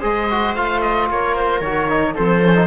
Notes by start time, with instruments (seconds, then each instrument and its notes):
0.00 cello G#3, trombone G#4, viola C5, oboe D#5
0.31 trombone F#4
0.55 cello A3, trombone F4, oboe F5
0.81 oboe D#5
1.10 cello A#3, viola A#4, oboe C#5
1.36 oboe C5
1.61 cello D#3, trombone F#4, oboe C#5
1.89 trombone D#4
2.15 cello F3, trombone C4, viola A4, oboe C5
2.44 trombone C#4
2.55 trombone D#4